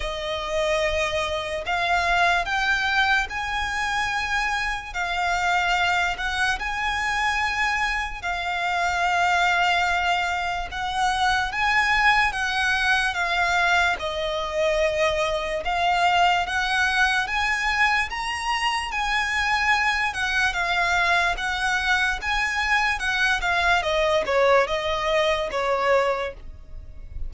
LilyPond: \new Staff \with { instrumentName = "violin" } { \time 4/4 \tempo 4 = 73 dis''2 f''4 g''4 | gis''2 f''4. fis''8 | gis''2 f''2~ | f''4 fis''4 gis''4 fis''4 |
f''4 dis''2 f''4 | fis''4 gis''4 ais''4 gis''4~ | gis''8 fis''8 f''4 fis''4 gis''4 | fis''8 f''8 dis''8 cis''8 dis''4 cis''4 | }